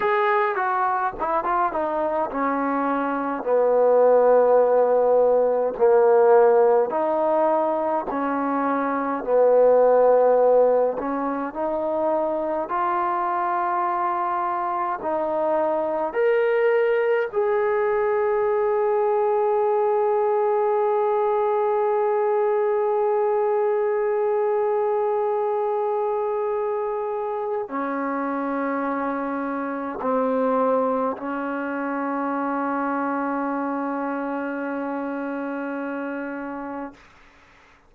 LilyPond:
\new Staff \with { instrumentName = "trombone" } { \time 4/4 \tempo 4 = 52 gis'8 fis'8 e'16 f'16 dis'8 cis'4 b4~ | b4 ais4 dis'4 cis'4 | b4. cis'8 dis'4 f'4~ | f'4 dis'4 ais'4 gis'4~ |
gis'1~ | gis'1 | cis'2 c'4 cis'4~ | cis'1 | }